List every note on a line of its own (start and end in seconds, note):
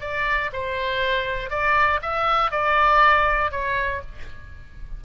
0.00 0.50 D5
0.53 1.50 C5
1.50 2.00 D5
2.02 2.51 E5
2.51 3.51 D5
3.51 4.01 C#5